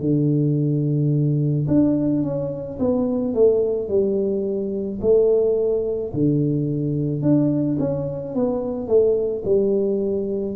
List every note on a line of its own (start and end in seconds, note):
0.00 1.67 D3
1.68 2.23 D4
2.23 2.78 C#4
2.79 3.34 B3
3.34 3.88 A3
3.88 4.99 G3
5.01 6.12 A3
6.14 7.22 D3
7.22 7.77 D4
7.79 8.35 C#4
8.35 8.87 B3
8.87 9.43 A3
9.45 10.56 G3